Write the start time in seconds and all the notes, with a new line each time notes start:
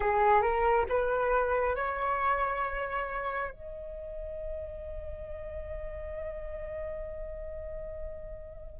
0.00 G#4
0.41 A#4
0.88 B4
1.75 C#5
3.51 D#5